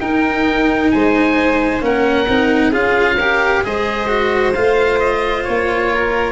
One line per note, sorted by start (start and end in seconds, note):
0.00 0.92 D#4
0.00 1.81 D#4
0.00 0.92 A#4
0.00 0.91 G5
0.91 1.82 G#3
0.91 1.84 C5
0.91 1.82 G#5
1.81 2.27 A#3
1.81 2.27 C#4
1.81 2.71 A#4
1.81 2.74 F#5
2.28 2.73 C4
2.28 2.72 D#4
2.71 3.64 C#4
2.71 3.18 F4
2.71 3.16 G#4
2.71 3.64 F5
3.16 3.64 G4
3.16 3.62 A#4
3.64 4.56 G#3
3.64 4.08 G#4
3.64 5.93 C5
3.64 4.54 D#5
4.08 4.53 F#4
4.54 5.47 A3
4.54 6.32 F4
4.54 4.99 F5
4.99 5.44 D#5
5.44 6.32 A#3
5.44 6.32 C#5
5.93 6.32 A#4